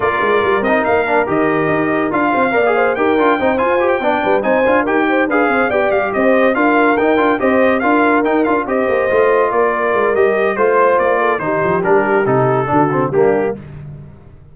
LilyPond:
<<
  \new Staff \with { instrumentName = "trumpet" } { \time 4/4 \tempo 4 = 142 d''4. dis''8 f''4 dis''4~ | dis''4 f''2 g''4~ | g''8 gis''8. g''4~ g''16 gis''4 g''8~ | g''8 f''4 g''8 f''8 dis''4 f''8~ |
f''8 g''4 dis''4 f''4 g''8 | f''8 dis''2 d''4. | dis''4 c''4 d''4 c''4 | ais'4 a'2 g'4 | }
  \new Staff \with { instrumentName = "horn" } { \time 4/4 ais'1~ | ais'4. c''8 d''8 c''8 ais'4 | c''4. d''8 b'8 c''4 ais'8 | c''8 b'8 c''8 d''4 c''4 ais'8~ |
ais'4. c''4 ais'4.~ | ais'8 c''2 ais'4.~ | ais'4 c''4. a'8 g'4~ | g'2 fis'4 d'4 | }
  \new Staff \with { instrumentName = "trombone" } { \time 4/4 f'4. dis'4 d'8 g'4~ | g'4 f'4 ais'16 gis'8. g'8 f'8 | dis'8 f'8 g'8 d'4 dis'8 f'8 g'8~ | g'8 gis'4 g'2 f'8~ |
f'8 dis'8 f'8 g'4 f'4 dis'8 | f'8 g'4 f'2~ f'8 | g'4 f'2 dis'4 | d'4 dis'4 d'8 c'8 ais4 | }
  \new Staff \with { instrumentName = "tuba" } { \time 4/4 ais8 gis8 g8 c'8 ais4 dis4 | dis'4 d'8 c'8 ais4 dis'8 d'8 | c'8 f'4 b8 g8 c'8 d'8 dis'8~ | dis'8 d'8 c'8 b8 g8 c'4 d'8~ |
d'8 dis'8 d'8 c'4 d'4 dis'8 | d'8 c'8 ais8 a4 ais4 gis8 | g4 a4 ais4 dis8 f8 | g4 c4 d4 g4 | }
>>